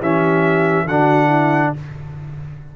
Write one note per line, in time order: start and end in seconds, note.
0.00 0.85 E3
0.00 0.87 C#4
0.00 0.86 G4
0.00 0.87 E5
0.85 1.71 D3
0.85 1.76 D4
0.85 1.26 F#4
0.85 1.73 F#5
1.26 1.69 E4